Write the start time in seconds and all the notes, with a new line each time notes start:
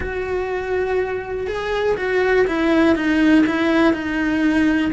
0.00 F#4
1.47 G#4
1.96 F#4
2.47 E4
2.95 D#4
3.46 E4
3.93 D#4